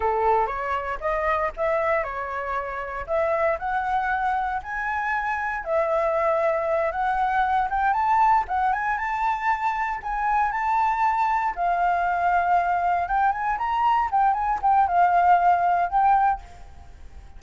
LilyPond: \new Staff \with { instrumentName = "flute" } { \time 4/4 \tempo 4 = 117 a'4 cis''4 dis''4 e''4 | cis''2 e''4 fis''4~ | fis''4 gis''2 e''4~ | e''4. fis''4. g''8 a''8~ |
a''8 fis''8 gis''8 a''2 gis''8~ | gis''8 a''2 f''4.~ | f''4. g''8 gis''8 ais''4 g''8 | gis''8 g''8 f''2 g''4 | }